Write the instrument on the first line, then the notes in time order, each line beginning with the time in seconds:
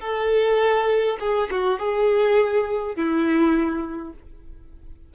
violin
0.00 A4
1.20 G#4
1.51 F#4
1.79 G#4
2.96 E4